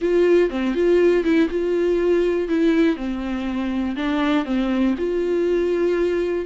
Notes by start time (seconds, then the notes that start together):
0.01 F4
0.50 C4
0.74 F4
1.24 E4
1.49 F4
2.48 E4
2.96 C4
3.96 D4
4.45 C4
4.97 F4